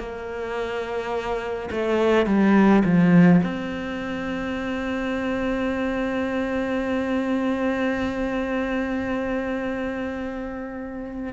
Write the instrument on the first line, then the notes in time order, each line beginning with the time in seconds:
cello
0.00 A#3
1.71 A3
2.27 G3
2.85 F3
3.43 C4